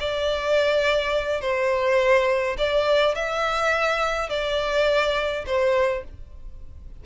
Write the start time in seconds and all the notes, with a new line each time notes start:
0.00 D5
1.41 C5
2.58 D5
3.15 E5
4.30 D5
5.46 C5